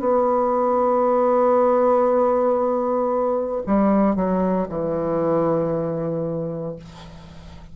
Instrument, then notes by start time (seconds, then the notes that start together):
bassoon
0.00 B3
3.67 G3
4.16 F#3
4.69 E3